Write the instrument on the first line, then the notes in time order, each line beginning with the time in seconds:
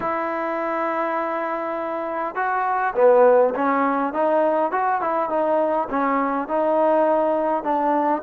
trombone
0.00 E4
2.35 F#4
2.95 B3
3.55 C#4
4.13 D#4
4.71 F#4
5.01 E4
5.29 D#4
5.89 C#4
6.48 D#4
7.63 D4